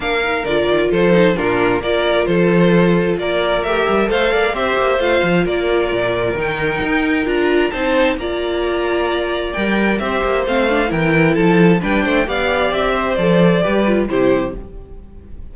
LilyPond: <<
  \new Staff \with { instrumentName = "violin" } { \time 4/4 \tempo 4 = 132 f''4 d''4 c''4 ais'4 | d''4 c''2 d''4 | e''4 f''4 e''4 f''4 | d''2 g''2 |
ais''4 a''4 ais''2~ | ais''4 g''4 e''4 f''4 | g''4 a''4 g''4 f''4 | e''4 d''2 c''4 | }
  \new Staff \with { instrumentName = "violin" } { \time 4/4 ais'2 a'4 f'4 | ais'4 a'2 ais'4~ | ais'4 c''8 d''8 c''2 | ais'1~ |
ais'4 c''4 d''2~ | d''2 c''2 | ais'4 a'4 b'8 c''8 d''4~ | d''8 c''4. b'4 g'4 | }
  \new Staff \with { instrumentName = "viola" } { \time 4/4 d'8 dis'8 f'4. dis'8 d'4 | f'1 | g'4 a'4 g'4 f'4~ | f'2 dis'2 |
f'4 dis'4 f'2~ | f'4 ais'4 g'4 c'8 d'8 | e'2 d'4 g'4~ | g'4 a'4 g'8 f'8 e'4 | }
  \new Staff \with { instrumentName = "cello" } { \time 4/4 ais4 d8 dis8 f4 ais,4 | ais4 f2 ais4 | a8 g8 a8 ais8 c'8 ais8 a8 f8 | ais4 ais,4 dis4 dis'4 |
d'4 c'4 ais2~ | ais4 g4 c'8 ais8 a4 | e4 f4 g8 a8 b4 | c'4 f4 g4 c4 | }
>>